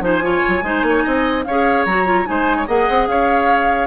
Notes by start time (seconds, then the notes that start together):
0.00 F3 D#4 C5 G#5
0.22 F4 C#5
0.48 F#3
0.62 G#3 D#4 C5
0.82 A#3
0.89 C#5
1.04 C4 D#5
1.44 C#4 G#4 C#5 F5
1.85 F#3 F#4 A#5
2.06 F4
2.25 G#3 D#4 C5 G#5
2.57 C#5
2.67 A#3 G#4 D#5 F#5
2.89 C4
3.07 C#4 C#5 F5